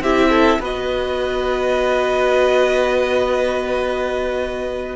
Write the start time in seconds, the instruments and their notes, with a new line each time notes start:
0.00 cello C4, viola E4, violin G4 E5
0.30 violin A4
0.60 cello B3, viola F#4, violin B4 D#5